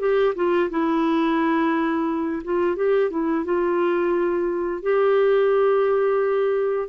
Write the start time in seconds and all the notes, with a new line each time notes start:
0.00 G4
0.35 F4
0.70 E4
2.44 F4
2.76 G4
3.11 E4
3.45 F4
4.82 G4